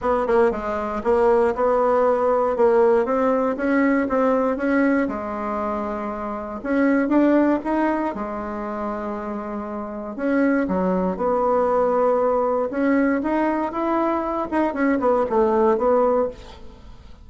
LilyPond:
\new Staff \with { instrumentName = "bassoon" } { \time 4/4 \tempo 4 = 118 b8 ais8 gis4 ais4 b4~ | b4 ais4 c'4 cis'4 | c'4 cis'4 gis2~ | gis4 cis'4 d'4 dis'4 |
gis1 | cis'4 fis4 b2~ | b4 cis'4 dis'4 e'4~ | e'8 dis'8 cis'8 b8 a4 b4 | }